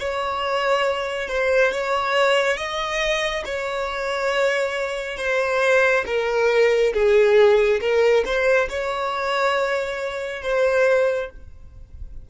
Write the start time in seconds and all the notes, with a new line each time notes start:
0.00 C#5
1.28 C5
1.72 C#5
2.57 D#5
3.45 C#5
5.18 C5
6.07 A#4
6.94 G#4
7.81 A#4
8.26 C5
8.70 C#5
10.43 C5